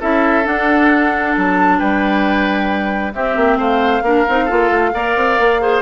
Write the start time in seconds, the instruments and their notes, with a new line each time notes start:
0.00 bassoon C#4, clarinet E4, oboe A4, flute E5
0.44 clarinet D4, bassoon D4, flute F#5
1.37 bassoon F#3, flute A5
1.78 bassoon G3, oboe B4, flute G5
3.13 clarinet C4, bassoon C4, oboe G4, flute E5
3.36 bassoon A#3
3.58 bassoon A3, oboe C5, flute F5
4.02 bassoon A#3, clarinet D4, oboe A#4
4.28 bassoon C4, clarinet D#4
4.45 bassoon A#3, clarinet F4, oboe A4
4.70 bassoon A3
4.93 bassoon A#3, clarinet A#4, oboe D5
5.16 bassoon C4
5.39 bassoon A#3
5.60 clarinet G#4, oboe C5